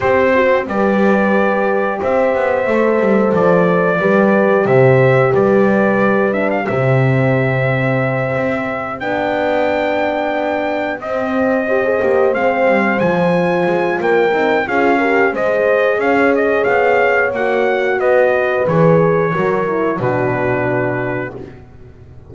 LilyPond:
<<
  \new Staff \with { instrumentName = "trumpet" } { \time 4/4 \tempo 4 = 90 c''4 d''2 e''4~ | e''4 d''2 e''4 | d''4. e''16 f''16 e''2~ | e''4. g''2~ g''8~ |
g''8 dis''2 f''4 gis''8~ | gis''4 g''4 f''4 dis''4 | f''8 dis''8 f''4 fis''4 dis''4 | cis''2 b'2 | }
  \new Staff \with { instrumentName = "horn" } { \time 4/4 g'8 fis'8 b'2 c''4~ | c''2 b'4 c''4 | b'2 g'2~ | g'1~ |
g'4. c''2~ c''8~ | c''4 ais'4 gis'8 ais'8 c''4 | cis''2. b'4~ | b'4 ais'4 fis'2 | }
  \new Staff \with { instrumentName = "horn" } { \time 4/4 c'4 g'2. | a'2 g'2~ | g'4. d'8 c'2~ | c'4. d'2~ d'8~ |
d'8 c'4 g'16 gis'16 g'8 c'4 f'8~ | f'4. dis'8 f'8 g'8 gis'4~ | gis'2 fis'2 | gis'4 fis'8 e'8 d'2 | }
  \new Staff \with { instrumentName = "double bass" } { \time 4/4 c'4 g2 c'8 b8 | a8 g8 f4 g4 c4 | g2 c2~ | c8 c'4 b2~ b8~ |
b8 c'4. ais8 gis8 g8 f8~ | f8 gis8 ais8 c'8 cis'4 gis4 | cis'4 b4 ais4 b4 | e4 fis4 b,2 | }
>>